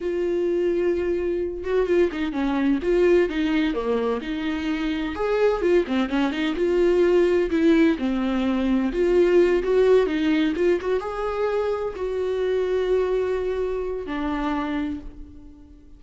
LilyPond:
\new Staff \with { instrumentName = "viola" } { \time 4/4 \tempo 4 = 128 f'2.~ f'8 fis'8 | f'8 dis'8 cis'4 f'4 dis'4 | ais4 dis'2 gis'4 | f'8 c'8 cis'8 dis'8 f'2 |
e'4 c'2 f'4~ | f'8 fis'4 dis'4 f'8 fis'8 gis'8~ | gis'4. fis'2~ fis'8~ | fis'2 d'2 | }